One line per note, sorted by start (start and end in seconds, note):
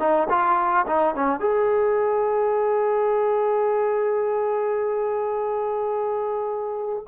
0.00 0.28 D#4
0.30 0.86 F4
0.87 1.15 D#4
1.16 1.40 C#4
1.40 7.06 G#4